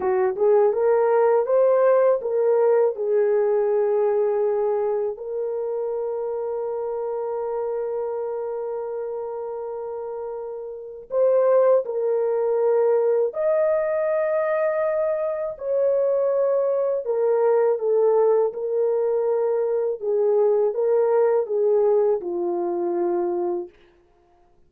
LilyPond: \new Staff \with { instrumentName = "horn" } { \time 4/4 \tempo 4 = 81 fis'8 gis'8 ais'4 c''4 ais'4 | gis'2. ais'4~ | ais'1~ | ais'2. c''4 |
ais'2 dis''2~ | dis''4 cis''2 ais'4 | a'4 ais'2 gis'4 | ais'4 gis'4 f'2 | }